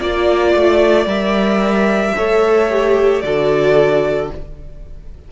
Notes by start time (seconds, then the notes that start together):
0.00 A#3 F4 D5
0.54 A3
1.05 G3 A#4 E5
2.16 A3 A4 C#5
2.69 G4
3.21 D3 F#4 A4 D5